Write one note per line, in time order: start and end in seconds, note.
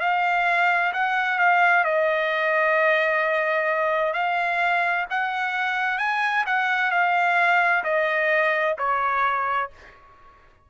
0.00 0.92 F5
0.93 1.38 F#5
1.38 1.84 F5
1.84 4.13 D#5
4.13 5.06 F5
5.10 5.98 F#5
5.98 6.44 G#5
6.46 6.91 F#5
6.91 7.83 F5
7.84 8.76 D#5
8.78 9.70 C#5